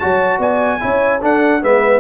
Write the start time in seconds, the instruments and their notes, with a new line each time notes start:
0.00 tuba F#3, trombone F#4, horn C#5, trumpet A5
0.39 tuba B3, horn D5, trumpet G#5
0.80 tuba C#4, trombone E4, horn C#5
1.22 trombone D4, tuba D4, horn A4, trumpet F#5
1.62 tuba G#3, trombone B3, horn B4, trumpet E5